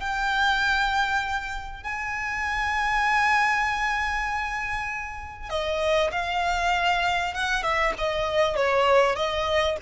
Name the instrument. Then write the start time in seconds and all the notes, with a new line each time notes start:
violin
0.00 G5
1.83 G#5
5.50 D#5
6.12 F5
7.34 F#5
7.63 E5
7.98 D#5
8.56 C#5
9.16 D#5